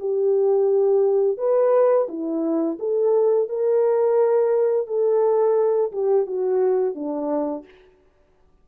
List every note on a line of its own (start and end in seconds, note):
0.00 1.38 G4
1.38 2.08 B4
2.09 2.78 E4
2.80 3.49 A4
3.49 4.87 A#4
4.87 5.92 A4
5.92 6.27 G4
6.27 6.95 F#4
6.95 7.65 D4